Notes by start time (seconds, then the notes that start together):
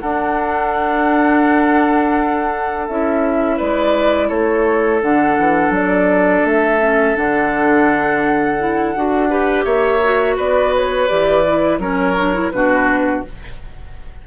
0.00 D4 A4 F#5
2.86 C#4 E4 E5
3.56 G#3 B4 D5
4.28 A3 A4 C#5
5.01 D3 D4 F#5
5.38 E3
5.69 F#3 D5
6.44 A3 E5
6.79 C#4
7.15 D3 D4 F#5
8.58 E4
8.95 D4 F#4
9.29 G4 B4
9.64 A#3 C#5 E5
10.03 F#4
10.36 B3 B4 D5
10.76 C#5
11.07 E3 G4 D5
11.47 E4
11.78 F#3 C#4 A#4 C#5
12.17 D4
12.33 E4
12.51 B2 D4 F#4 B4